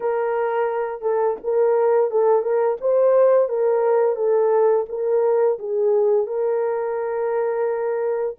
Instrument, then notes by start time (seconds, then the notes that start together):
horn
0.00 A#4
1.01 A4
1.43 A#4
2.10 A4
2.41 A#4
2.81 C5
3.49 A#4
4.15 A4
4.88 A#4
5.58 G#4
6.27 A#4